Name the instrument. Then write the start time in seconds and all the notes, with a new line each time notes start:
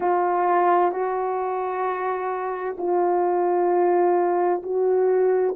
horn
0.00 F4
0.91 F#4
2.77 F4
4.62 F#4